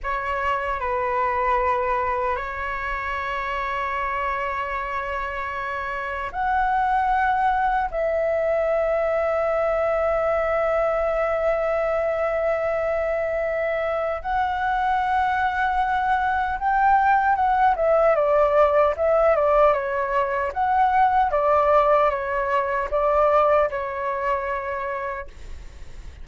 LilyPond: \new Staff \with { instrumentName = "flute" } { \time 4/4 \tempo 4 = 76 cis''4 b'2 cis''4~ | cis''1 | fis''2 e''2~ | e''1~ |
e''2 fis''2~ | fis''4 g''4 fis''8 e''8 d''4 | e''8 d''8 cis''4 fis''4 d''4 | cis''4 d''4 cis''2 | }